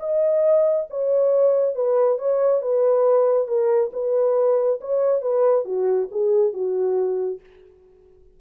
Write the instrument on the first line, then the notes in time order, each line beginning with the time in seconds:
horn
0.00 D#5
0.91 C#5
1.75 B4
2.19 C#5
2.62 B4
3.48 A#4
3.93 B4
4.81 C#5
5.22 B4
5.65 F#4
6.11 G#4
6.54 F#4